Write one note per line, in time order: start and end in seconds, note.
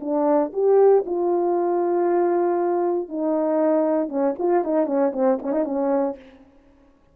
0.00 0.51 D4
0.53 1.04 G4
1.06 3.08 F4
3.08 4.08 D#4
4.08 4.34 C#4
4.38 4.64 F4
4.64 4.86 D#4
4.86 5.12 C#4
5.13 5.38 C4
5.42 5.52 C#4
5.52 5.64 D#4
5.64 6.16 C#4